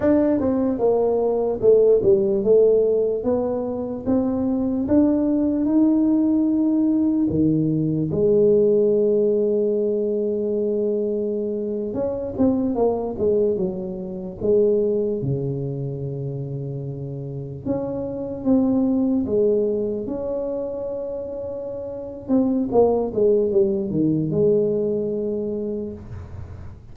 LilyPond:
\new Staff \with { instrumentName = "tuba" } { \time 4/4 \tempo 4 = 74 d'8 c'8 ais4 a8 g8 a4 | b4 c'4 d'4 dis'4~ | dis'4 dis4 gis2~ | gis2~ gis8. cis'8 c'8 ais16~ |
ais16 gis8 fis4 gis4 cis4~ cis16~ | cis4.~ cis16 cis'4 c'4 gis16~ | gis8. cis'2~ cis'8. c'8 | ais8 gis8 g8 dis8 gis2 | }